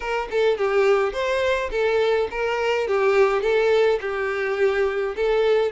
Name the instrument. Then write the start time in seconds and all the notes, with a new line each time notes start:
violin
0.00 A#4
0.30 A4
0.57 G4
1.12 C5
1.71 A4
2.30 A#4
2.87 G4
3.42 A4
4.01 G4
5.16 A4